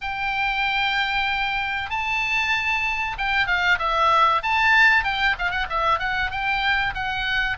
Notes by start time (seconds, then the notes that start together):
0.01 G5
1.90 A5
3.18 G5
3.47 F5
3.78 E5
4.42 A5
5.04 G5
5.38 F5
5.50 F#5
5.69 E5
5.99 F#5
6.30 G5
6.94 F#5